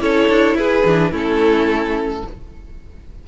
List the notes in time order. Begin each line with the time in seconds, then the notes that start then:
0.00 C#4 E4 A4 C#5
0.29 D4
0.55 E4 G#4 B4
0.86 E3 D4
1.12 A3 C#4 E4 A4